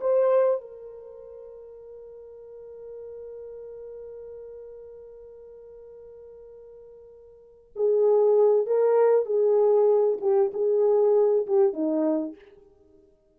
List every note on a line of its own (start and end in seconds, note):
0.00 0.60 C5
0.60 7.72 A#4
7.75 8.66 G#4
8.66 9.25 A#4
9.25 10.18 G#4
10.20 10.51 G4
10.53 11.46 G#4
11.46 11.73 G4
11.73 12.35 D#4